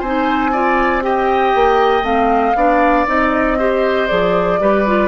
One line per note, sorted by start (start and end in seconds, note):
0.00 1.54 C4
0.00 0.53 D#4
0.00 0.51 C5
0.00 1.03 G#5
0.53 1.02 F4
0.53 1.03 D5
1.02 2.03 G4
1.02 2.57 D#5
1.02 2.05 G5
1.55 2.03 A#3
2.03 2.53 A3
2.03 2.54 C4
2.03 3.07 F5
2.56 3.07 B3
2.56 3.07 D4
2.56 3.58 D5
3.07 4.09 C4
3.07 3.58 D#4
3.07 4.08 D#5
3.58 4.09 G4
3.58 4.60 C5
4.08 4.60 F3
4.08 4.60 G#4
4.08 5.08 D5
4.60 5.08 G3
4.60 4.86 G4
4.60 5.08 B4
4.87 5.08 F4